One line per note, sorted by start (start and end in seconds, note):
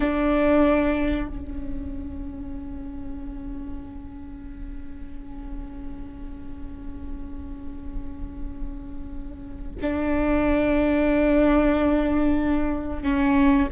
0.00 1.27 D4
1.27 9.75 C#4
9.82 13.03 D4
13.03 13.68 C#4